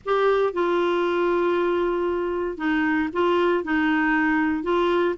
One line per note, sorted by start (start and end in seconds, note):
0.05 0.53 G4
0.53 2.57 F4
2.57 3.09 D#4
3.12 3.63 F4
3.63 4.63 D#4
4.63 5.15 F4